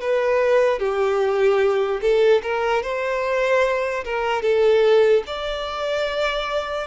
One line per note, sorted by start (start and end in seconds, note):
0.00 0.79 B4
0.79 2.00 G4
2.01 2.41 A4
2.43 2.82 A#4
2.82 4.04 C5
4.04 4.42 A#4
4.42 5.23 A4
5.26 6.87 D5